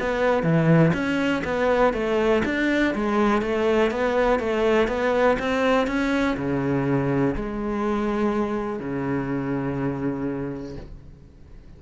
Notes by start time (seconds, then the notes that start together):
0.00 B3
0.43 E3
0.94 C#4
1.44 B3
1.94 A3
2.45 D4
2.95 G#3
3.42 A3
3.91 B3
4.40 A3
4.88 B3
5.39 C4
5.87 C#4
6.37 C#3
7.35 G#3
8.80 C#3